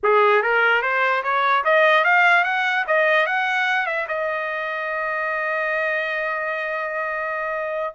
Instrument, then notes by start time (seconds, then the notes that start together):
trumpet
0.03 G#4
0.42 A#4
0.82 C5
1.23 C#5
1.64 D#5
2.04 F5
2.44 F#5
2.87 D#5
3.26 F#5
3.86 E5
4.08 D#5